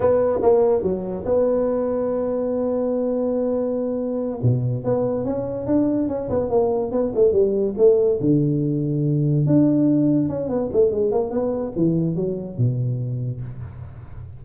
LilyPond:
\new Staff \with { instrumentName = "tuba" } { \time 4/4 \tempo 4 = 143 b4 ais4 fis4 b4~ | b1~ | b2~ b8 b,4 b8~ | b8 cis'4 d'4 cis'8 b8 ais8~ |
ais8 b8 a8 g4 a4 d8~ | d2~ d8 d'4.~ | d'8 cis'8 b8 a8 gis8 ais8 b4 | e4 fis4 b,2 | }